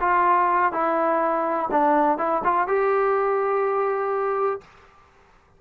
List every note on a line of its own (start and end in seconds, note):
0.00 0.72 F4
0.72 1.69 E4
1.71 2.18 D4
2.18 2.42 E4
2.44 2.67 F4
2.67 4.61 G4